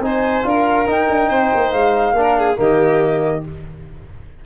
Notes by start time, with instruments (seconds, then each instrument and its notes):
0.00 tuba C4, trombone D#4, violin C5, flute G#5
0.43 tuba D4, trombone F4, violin A#4, flute F5
0.87 trombone D#4, tuba D#4, flute G5
1.10 tuba D4
1.29 tuba C4, violin C5
1.54 tuba A#3
1.71 tuba G#3, flute F5
2.13 tuba A#3, trombone D4
2.21 violin A#4
2.39 violin G#4
2.55 tuba D#3, trombone A#3, violin G4, flute D#5